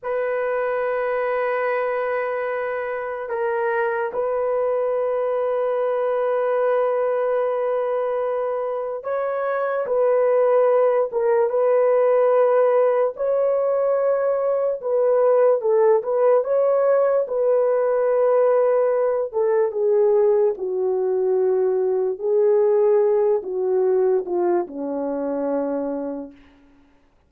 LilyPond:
\new Staff \with { instrumentName = "horn" } { \time 4/4 \tempo 4 = 73 b'1 | ais'4 b'2.~ | b'2. cis''4 | b'4. ais'8 b'2 |
cis''2 b'4 a'8 b'8 | cis''4 b'2~ b'8 a'8 | gis'4 fis'2 gis'4~ | gis'8 fis'4 f'8 cis'2 | }